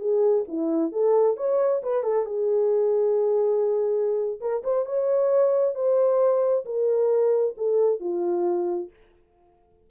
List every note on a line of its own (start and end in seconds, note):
0.00 0.45 G#4
0.48 0.92 E4
0.92 1.37 A4
1.37 1.83 C#5
1.83 2.04 B4
2.04 2.26 A4
2.26 4.40 G#4
4.41 4.63 A#4
4.64 4.86 C5
4.86 5.75 C#5
5.75 6.65 C5
6.66 7.56 A#4
7.58 8.00 A4
8.00 8.90 F4